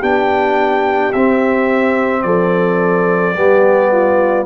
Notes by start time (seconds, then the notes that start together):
0.00 B3 D4 G4 G5
1.13 C4 E5
2.23 F3 A4 D5
3.35 G3 B3 G4
3.92 F4